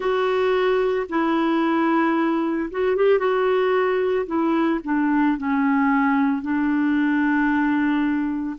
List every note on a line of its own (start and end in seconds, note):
0.00 1.07 F#4
1.09 2.70 E4
2.71 2.96 F#4
2.96 3.19 G4
3.19 4.26 F#4
4.26 4.80 E4
4.84 5.37 D4
5.37 6.41 C#4
6.41 8.56 D4